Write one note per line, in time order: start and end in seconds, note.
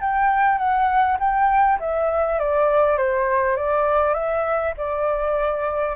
0.00 0.58 G5
0.58 1.17 F#5
1.19 1.79 G5
1.80 2.39 E5
2.39 2.98 D5
2.98 3.56 C5
3.56 4.14 D5
4.14 4.73 E5
4.77 5.95 D5